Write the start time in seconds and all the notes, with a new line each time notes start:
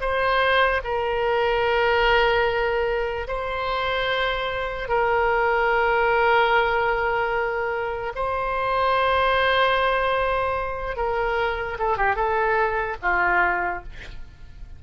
0.00 C5
0.84 A#4
3.27 C5
4.88 A#4
8.15 C5
10.96 A#4
11.78 A4
11.97 G4
12.15 A4
13.02 F4